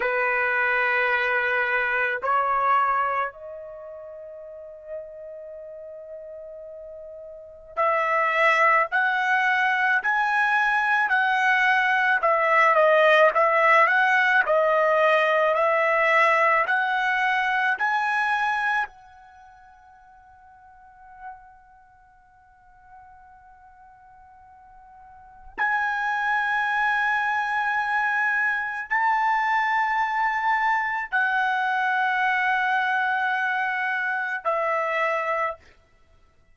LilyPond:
\new Staff \with { instrumentName = "trumpet" } { \time 4/4 \tempo 4 = 54 b'2 cis''4 dis''4~ | dis''2. e''4 | fis''4 gis''4 fis''4 e''8 dis''8 | e''8 fis''8 dis''4 e''4 fis''4 |
gis''4 fis''2.~ | fis''2. gis''4~ | gis''2 a''2 | fis''2. e''4 | }